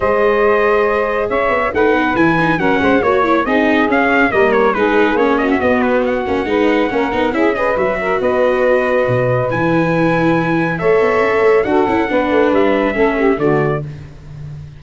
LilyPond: <<
  \new Staff \with { instrumentName = "trumpet" } { \time 4/4 \tempo 4 = 139 dis''2. e''4 | fis''4 gis''4 fis''4 cis''4 | dis''4 f''4 dis''8 cis''8 b'4 | cis''8 dis''16 e''16 dis''8 b'8 fis''2~ |
fis''4 e''8 dis''8 e''4 dis''4~ | dis''2 gis''2~ | gis''4 e''2 fis''4~ | fis''4 e''2 d''4 | }
  \new Staff \with { instrumentName = "saxophone" } { \time 4/4 c''2. cis''4 | b'2 ais'8 c''8 cis''4 | gis'2 ais'4 gis'4~ | gis'8 fis'2~ fis'8 b'4 |
ais'4 gis'8 b'4 ais'8 b'4~ | b'1~ | b'4 cis''2 a'4 | b'2 a'8 g'8 fis'4 | }
  \new Staff \with { instrumentName = "viola" } { \time 4/4 gis'1 | dis'4 e'8 dis'8 cis'4 fis'8 e'8 | dis'4 cis'4 ais4 dis'4 | cis'4 b4. cis'8 dis'4 |
cis'8 dis'8 e'8 gis'8 fis'2~ | fis'2 e'2~ | e'4 a'2 fis'8 e'8 | d'2 cis'4 a4 | }
  \new Staff \with { instrumentName = "tuba" } { \time 4/4 gis2. cis'8 b8 | a8 b8 e4 fis8 gis8 ais4 | c'4 cis'4 g4 gis4 | ais4 b4. ais8 gis4 |
ais8 b8 cis'4 fis4 b4~ | b4 b,4 e2~ | e4 a8 b8 cis'8 a8 d'8 cis'8 | b8 a8 g4 a4 d4 | }
>>